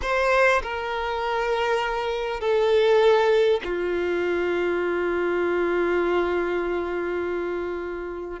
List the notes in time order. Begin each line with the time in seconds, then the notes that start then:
0.02 C5
0.62 A#4
2.40 A4
3.64 F4